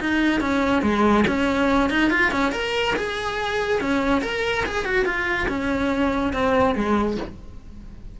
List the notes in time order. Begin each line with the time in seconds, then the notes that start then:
0.00 D#4
0.41 C#4
0.82 G#3
1.27 C#4
1.90 D#4
2.10 F4
2.31 C#4
2.52 A#4
2.96 G#4
3.80 C#4
4.22 A#4
4.66 G#4
4.85 F#4
5.05 F4
5.48 C#4
6.33 C4
6.75 G#3